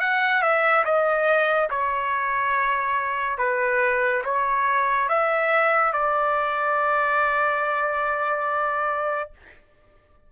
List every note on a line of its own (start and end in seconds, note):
0.00 0.41 F#5
0.41 0.84 E5
0.85 1.69 D#5
1.70 3.38 C#5
3.38 4.23 B4
4.24 5.08 C#5
5.08 5.92 E5
5.92 9.30 D5